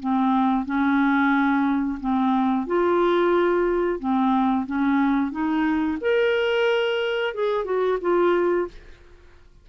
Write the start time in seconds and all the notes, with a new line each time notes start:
0.00 C4
0.65 C#4
2.00 C4
2.67 F4
4.00 C4
4.66 C#4
5.32 D#4
6.01 A#4
7.35 G#4
7.65 F#4
8.01 F4